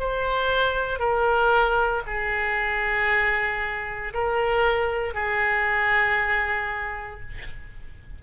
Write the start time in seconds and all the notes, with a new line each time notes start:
0.00 C5
1.00 A#4
2.07 G#4
4.14 A#4
5.14 G#4